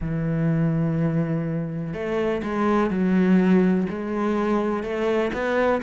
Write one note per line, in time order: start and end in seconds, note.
0.00 1.94 E3
1.94 2.42 A3
2.43 2.90 G#3
2.90 3.87 F#3
3.89 4.83 G#3
4.83 5.31 A3
5.33 5.81 B3